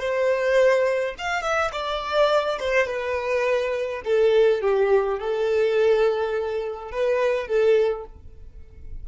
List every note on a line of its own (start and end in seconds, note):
0.00 1.15 C5
1.18 1.42 F5
1.42 1.71 E5
1.73 2.59 D5
2.60 2.87 C5
2.87 4.03 B4
4.05 4.62 A4
4.62 5.19 G4
5.19 6.92 A4
6.92 7.47 B4
7.47 8.05 A4